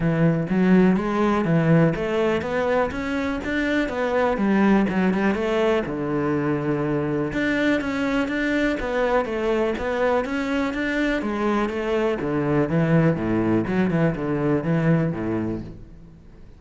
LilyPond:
\new Staff \with { instrumentName = "cello" } { \time 4/4 \tempo 4 = 123 e4 fis4 gis4 e4 | a4 b4 cis'4 d'4 | b4 g4 fis8 g8 a4 | d2. d'4 |
cis'4 d'4 b4 a4 | b4 cis'4 d'4 gis4 | a4 d4 e4 a,4 | fis8 e8 d4 e4 a,4 | }